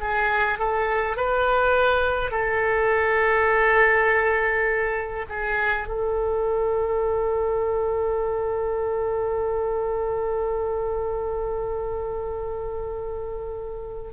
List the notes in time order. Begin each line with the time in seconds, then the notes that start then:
0.00 G#4
0.58 A4
1.17 B4
2.31 A4
5.29 G#4
5.88 A4